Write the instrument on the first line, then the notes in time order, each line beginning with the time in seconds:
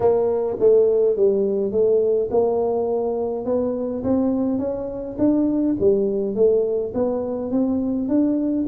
tuba
0.00 A#3
0.59 A3
1.16 G3
1.71 A3
2.30 A#3
3.45 B3
4.03 C4
4.59 C#4
5.18 D4
5.80 G3
6.35 A3
6.94 B3
7.51 C4
8.08 D4